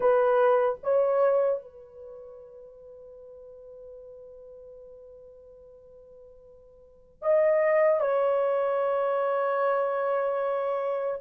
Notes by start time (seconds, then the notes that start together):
0.00 B4
0.83 C#5
1.61 B4
7.22 D#5
8.00 C#5